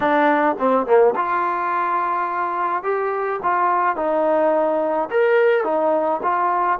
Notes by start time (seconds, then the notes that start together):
0.00 D4
0.58 C4
0.86 A#3
1.15 F4
2.83 G4
3.42 F4
3.95 D#4
5.10 A#4
5.64 D#4
6.22 F4